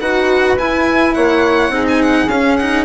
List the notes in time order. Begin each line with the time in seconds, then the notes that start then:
0.00 D#4 F#4 B4 F#5
0.58 E4 G#5
1.15 A#3 C#5 F#5
1.69 C4 D#4 G#4
1.88 G#5
2.02 F#5
2.28 C#4 F5
2.57 D#4 F#5